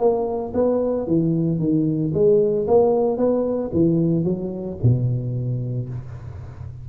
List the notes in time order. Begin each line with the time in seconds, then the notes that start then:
0.00 A#3
0.55 B3
1.08 E3
1.60 D#3
2.14 G#3
2.68 A#3
3.18 B3
3.74 E3
4.25 F#3
4.83 B2